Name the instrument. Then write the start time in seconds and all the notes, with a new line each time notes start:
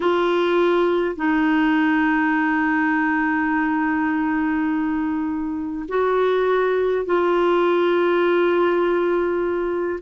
clarinet
0.00 F4
1.15 D#4
5.88 F#4
7.05 F4